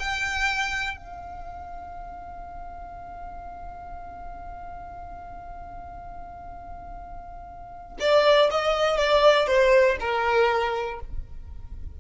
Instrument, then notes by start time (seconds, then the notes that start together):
violin
0.00 G5
0.97 F5
8.00 D5
8.51 D#5
8.98 D5
9.47 C5
10.00 A#4